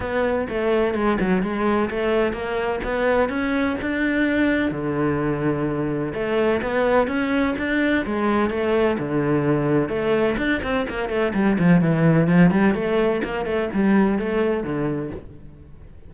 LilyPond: \new Staff \with { instrumentName = "cello" } { \time 4/4 \tempo 4 = 127 b4 a4 gis8 fis8 gis4 | a4 ais4 b4 cis'4 | d'2 d2~ | d4 a4 b4 cis'4 |
d'4 gis4 a4 d4~ | d4 a4 d'8 c'8 ais8 a8 | g8 f8 e4 f8 g8 a4 | ais8 a8 g4 a4 d4 | }